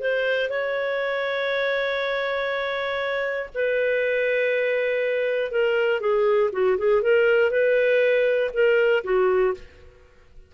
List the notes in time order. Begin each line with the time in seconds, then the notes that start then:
0.00 C5
0.50 C#5
3.55 B4
5.51 A#4
6.01 G#4
6.52 F#4
6.78 G#4
7.02 A#4
7.51 B4
8.54 A#4
9.04 F#4